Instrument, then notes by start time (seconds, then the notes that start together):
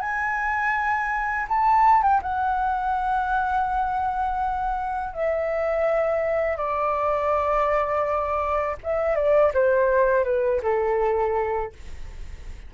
flute
0.00 G#5
1.48 A5
2.03 G5
2.22 F#5
5.13 E5
6.57 D5
8.83 E5
9.15 D5
9.54 C5
10.24 B4
10.63 A4